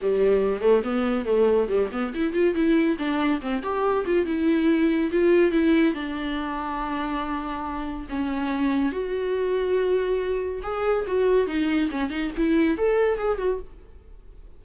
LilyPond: \new Staff \with { instrumentName = "viola" } { \time 4/4 \tempo 4 = 141 g4. a8 b4 a4 | g8 b8 e'8 f'8 e'4 d'4 | c'8 g'4 f'8 e'2 | f'4 e'4 d'2~ |
d'2. cis'4~ | cis'4 fis'2.~ | fis'4 gis'4 fis'4 dis'4 | cis'8 dis'8 e'4 a'4 gis'8 fis'8 | }